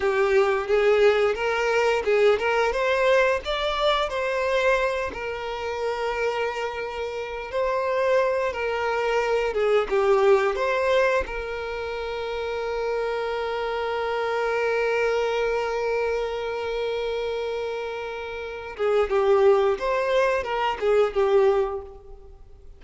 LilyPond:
\new Staff \with { instrumentName = "violin" } { \time 4/4 \tempo 4 = 88 g'4 gis'4 ais'4 gis'8 ais'8 | c''4 d''4 c''4. ais'8~ | ais'2. c''4~ | c''8 ais'4. gis'8 g'4 c''8~ |
c''8 ais'2.~ ais'8~ | ais'1~ | ais'2.~ ais'8 gis'8 | g'4 c''4 ais'8 gis'8 g'4 | }